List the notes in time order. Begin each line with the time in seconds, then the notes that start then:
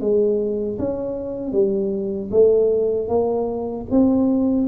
0.00 G#3
0.78 C#4
1.52 G3
2.31 A3
3.08 A#3
3.91 C4